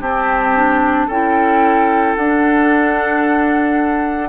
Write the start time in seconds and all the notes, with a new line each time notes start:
0.00 C4 G4 A5
0.55 D4
1.07 C#4 E4 A4 G5
2.15 D4 F#5